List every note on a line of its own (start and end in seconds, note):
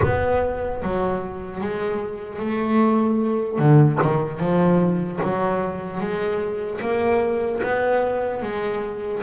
0.02 0.82 B3
0.82 1.60 F#3
1.60 2.39 G#3
2.39 3.58 A3
3.58 3.98 D3
4.02 4.39 D#3
4.39 5.19 F3
5.23 6.00 F#3
6.00 6.80 G#3
6.81 7.61 A#3
7.62 8.42 B3
8.42 9.22 G#3